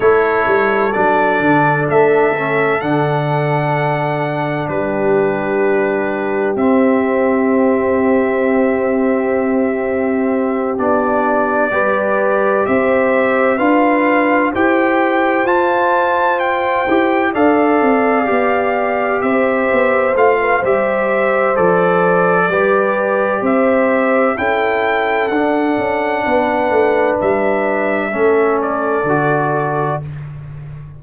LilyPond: <<
  \new Staff \with { instrumentName = "trumpet" } { \time 4/4 \tempo 4 = 64 cis''4 d''4 e''4 fis''4~ | fis''4 b'2 e''4~ | e''2.~ e''8 d''8~ | d''4. e''4 f''4 g''8~ |
g''8 a''4 g''4 f''4.~ | f''8 e''4 f''8 e''4 d''4~ | d''4 e''4 g''4 fis''4~ | fis''4 e''4. d''4. | }
  \new Staff \with { instrumentName = "horn" } { \time 4/4 a'1~ | a'4 g'2.~ | g'1~ | g'8 b'4 c''4 b'4 c''8~ |
c''2~ c''8 d''4.~ | d''8 c''4~ c''16 b'16 c''2 | b'4 c''4 a'2 | b'2 a'2 | }
  \new Staff \with { instrumentName = "trombone" } { \time 4/4 e'4 d'4. cis'8 d'4~ | d'2. c'4~ | c'2.~ c'8 d'8~ | d'8 g'2 f'4 g'8~ |
g'8 f'4. g'8 a'4 g'8~ | g'4. f'8 g'4 a'4 | g'2 e'4 d'4~ | d'2 cis'4 fis'4 | }
  \new Staff \with { instrumentName = "tuba" } { \time 4/4 a8 g8 fis8 d8 a4 d4~ | d4 g2 c'4~ | c'2.~ c'8 b8~ | b8 g4 c'4 d'4 e'8~ |
e'8 f'4. e'8 d'8 c'8 b8~ | b8 c'8 b8 a8 g4 f4 | g4 c'4 cis'4 d'8 cis'8 | b8 a8 g4 a4 d4 | }
>>